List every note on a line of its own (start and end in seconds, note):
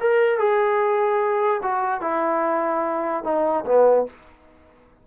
0.00 0.38 A#4
0.38 1.61 G#4
1.62 2.01 F#4
2.01 3.24 E4
3.24 3.64 D#4
3.65 4.06 B3